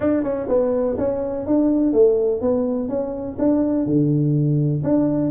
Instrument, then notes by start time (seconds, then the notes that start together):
tuba
0.00 D4
0.23 C#4
0.48 B3
0.98 C#4
1.46 D4
1.92 A3
2.41 B3
2.89 C#4
3.38 D4
3.86 D3
4.83 D4